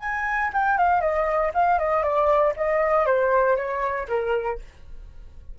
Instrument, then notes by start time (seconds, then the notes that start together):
flute
0.00 G#5
0.53 G5
0.77 F5
1.01 D#5
1.54 F5
1.79 D#5
2.03 D5
2.57 D#5
3.06 C5
3.56 C#5
4.08 A#4